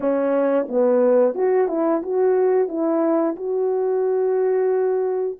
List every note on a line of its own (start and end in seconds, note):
0.00 0.67 C#4
0.68 1.35 B3
1.35 1.68 F#4
1.68 2.01 E4
2.02 2.68 F#4
2.68 3.35 E4
3.36 5.38 F#4